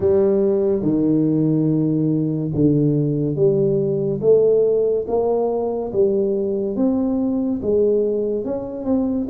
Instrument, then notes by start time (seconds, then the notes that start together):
tuba
0.00 G3
0.82 D#3
2.54 D3
3.35 G3
4.21 A3
5.07 A#3
5.92 G3
6.76 C4
7.61 G#3
8.45 C#4
8.85 C4